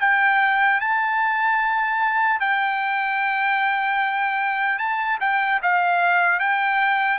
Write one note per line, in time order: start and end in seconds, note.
0.00 0.80 G5
0.80 2.40 A5
2.40 4.78 G5
4.78 5.18 A5
5.20 5.60 G5
5.62 6.39 F5
6.39 7.18 G5